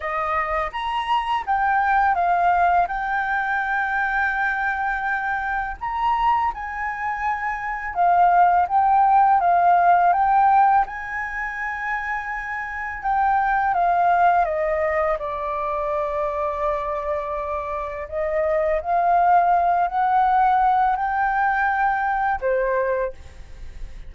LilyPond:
\new Staff \with { instrumentName = "flute" } { \time 4/4 \tempo 4 = 83 dis''4 ais''4 g''4 f''4 | g''1 | ais''4 gis''2 f''4 | g''4 f''4 g''4 gis''4~ |
gis''2 g''4 f''4 | dis''4 d''2.~ | d''4 dis''4 f''4. fis''8~ | fis''4 g''2 c''4 | }